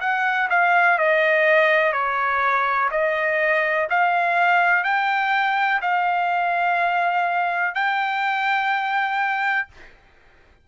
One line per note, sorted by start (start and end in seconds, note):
0.00 0.48 F#5
0.49 0.98 F5
0.98 1.92 D#5
1.92 2.89 C#5
2.91 3.88 D#5
3.89 4.83 F5
4.83 5.80 G5
5.81 7.74 F5
7.74 9.68 G5